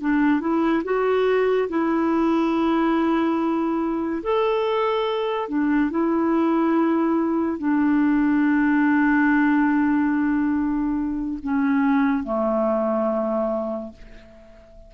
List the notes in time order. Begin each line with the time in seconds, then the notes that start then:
0.00 D4
0.40 E4
0.84 F#4
1.69 E4
4.23 A4
5.48 D4
5.90 E4
7.58 D4
11.42 C#4
12.23 A3